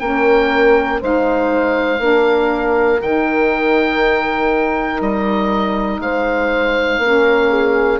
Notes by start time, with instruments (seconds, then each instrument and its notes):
0.00 bassoon A#3, saxophone C#4, horn A#4, oboe G5
1.01 bassoon G#3, saxophone D#4, horn C5, oboe F5
1.99 bassoon A#3, saxophone D4, horn A#4
3.01 bassoon D#3, saxophone D#4, oboe G5
5.00 bassoon G3, oboe D#5
5.99 bassoon G#3, horn C5, oboe F5
6.98 bassoon A#3, saxophone C#4, horn A#4
7.50 horn G#4